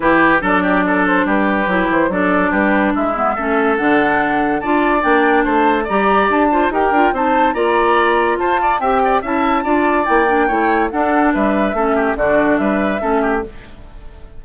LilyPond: <<
  \new Staff \with { instrumentName = "flute" } { \time 4/4 \tempo 4 = 143 b'4 d''4. c''8 b'4~ | b'8 c''8 d''4 b'4 e''4~ | e''4 fis''2 a''4 | g''4 a''4 ais''4 a''4 |
g''4 a''4 ais''2 | a''4 g''4 a''2 | g''2 fis''4 e''4~ | e''4 d''4 e''2 | }
  \new Staff \with { instrumentName = "oboe" } { \time 4/4 g'4 a'8 g'8 a'4 g'4~ | g'4 a'4 g'4 e'4 | a'2. d''4~ | d''4 c''4 d''4. c''8 |
ais'4 c''4 d''2 | c''8 d''8 e''8 d''8 e''4 d''4~ | d''4 cis''4 a'4 b'4 | a'8 g'8 fis'4 b'4 a'8 g'8 | }
  \new Staff \with { instrumentName = "clarinet" } { \time 4/4 e'4 d'2. | e'4 d'2~ d'8 b8 | cis'4 d'2 f'4 | d'2 g'4. f'8 |
g'8 f'8 dis'4 f'2~ | f'4 g'4 e'4 f'4 | e'8 d'8 e'4 d'2 | cis'4 d'2 cis'4 | }
  \new Staff \with { instrumentName = "bassoon" } { \time 4/4 e4 fis2 g4 | fis8 e8 fis4 g4 gis4 | a4 d2 d'4 | ais4 a4 g4 d'4 |
dis'8 d'8 c'4 ais2 | f'4 c'4 cis'4 d'4 | ais4 a4 d'4 g4 | a4 d4 g4 a4 | }
>>